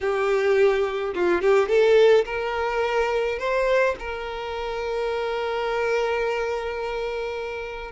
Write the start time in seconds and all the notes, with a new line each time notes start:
0.00 G4
1.14 F4
1.42 G4
1.68 A4
2.25 A#4
3.38 C5
3.99 A#4